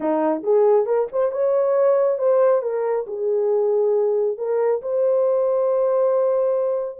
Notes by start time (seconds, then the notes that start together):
0.00 D#4
0.43 G#4
0.86 A#4
1.11 C5
1.31 C#5
2.18 C5
2.61 A#4
3.06 G#4
4.37 A#4
4.82 C5